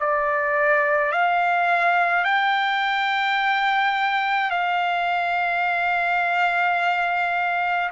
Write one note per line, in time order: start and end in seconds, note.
0.00 1.12 D5
1.12 2.24 F5
2.24 4.50 G5
4.50 7.90 F5